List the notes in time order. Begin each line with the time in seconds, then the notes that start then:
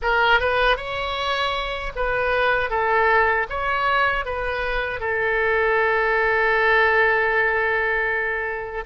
0.02 A#4
0.40 B4
0.77 C#5
1.95 B4
2.70 A4
3.49 C#5
4.25 B4
5.00 A4